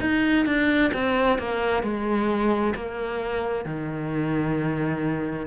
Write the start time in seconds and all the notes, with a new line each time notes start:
0.00 D#4
0.46 D4
0.93 C4
1.38 A#3
1.83 G#3
2.75 A#3
3.65 D#3